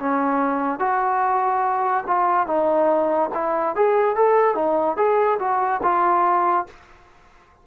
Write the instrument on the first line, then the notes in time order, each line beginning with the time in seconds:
trombone
0.00 C#4
0.80 F#4
2.07 F4
2.47 D#4
3.34 E4
3.76 G#4
4.16 A4
4.55 D#4
4.97 G#4
5.40 F#4
5.83 F4